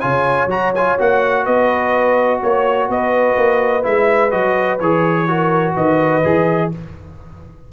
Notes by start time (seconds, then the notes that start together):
0.00 C#3 F4 C#5 G#5
0.46 F#3 F#4 A#5
0.75 F4 G#5
0.98 A#3 F#4 F#5
1.44 B3 B4 D#5
2.41 A#3 C#5
2.88 B3 B4 D#5
3.36 A#3
3.82 G#3 E4 E5
4.30 F#3 F#4 D#5
4.79 E3 G#4 C#5
5.28 F#4 A#4
5.74 D#3 B4 D#5
6.24 E3 G#4